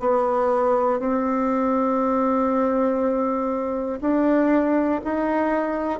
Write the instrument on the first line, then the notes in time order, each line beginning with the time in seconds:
bassoon
0.00 B3
1.00 C4
4.01 D4
5.05 D#4